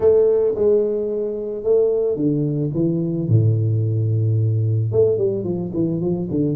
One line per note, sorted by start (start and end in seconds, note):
0.00 0.54 A3
0.55 1.63 G#3
1.63 2.15 A3
2.15 2.70 D3
2.74 3.28 E3
3.28 4.91 A2
4.91 5.17 A3
5.17 5.43 G3
5.43 5.71 F3
5.73 6.00 E3
6.00 6.28 F3
6.30 6.55 D3